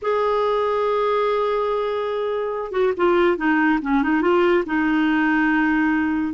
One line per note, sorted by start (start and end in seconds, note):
0.02 2.71 G#4
2.71 2.93 F#4
2.96 3.37 F4
3.37 3.79 D#4
3.81 4.02 C#4
4.02 4.21 D#4
4.21 4.63 F4
4.65 6.34 D#4